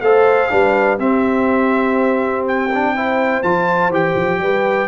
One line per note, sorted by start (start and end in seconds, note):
0.00 0.49 A3
0.00 0.49 A4
0.00 0.51 C5
0.00 0.98 F5
0.49 0.98 G3
0.49 0.98 D4
0.49 0.98 B4
0.98 3.42 C4
0.98 2.69 C4
0.98 2.93 G4
0.98 2.45 E5
2.47 3.42 G5
2.73 2.96 D4
2.95 3.43 E4
2.95 4.41 C5
3.42 3.88 F3
3.42 3.91 F4
3.42 3.91 A5
3.88 4.13 E3
3.88 4.88 G4
3.88 4.88 G5
4.14 4.39 F3
4.39 4.87 G3
4.39 4.88 B4